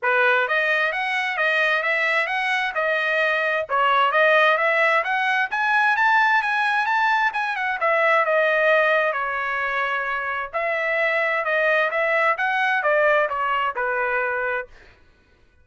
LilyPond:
\new Staff \with { instrumentName = "trumpet" } { \time 4/4 \tempo 4 = 131 b'4 dis''4 fis''4 dis''4 | e''4 fis''4 dis''2 | cis''4 dis''4 e''4 fis''4 | gis''4 a''4 gis''4 a''4 |
gis''8 fis''8 e''4 dis''2 | cis''2. e''4~ | e''4 dis''4 e''4 fis''4 | d''4 cis''4 b'2 | }